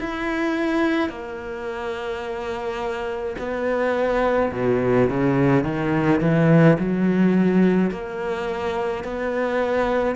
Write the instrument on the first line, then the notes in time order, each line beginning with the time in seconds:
cello
0.00 E4
1.09 A#3
3.39 B3
4.52 B2
5.10 C#3
5.64 D#3
6.21 E3
6.79 F#3
7.91 A#3
9.04 B3